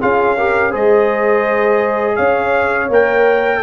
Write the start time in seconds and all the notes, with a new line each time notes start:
0.00 C#4 F4 G#4 F5
0.37 G4 A#4
0.70 G#3 G#4 C5 D#5
2.16 C#4 C#5 F5
2.89 A#3 A#4 G5